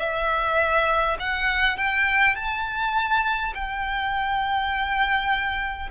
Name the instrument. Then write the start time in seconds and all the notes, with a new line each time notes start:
violin
0.00 E5
1.20 F#5
1.78 G5
2.36 A5
3.55 G5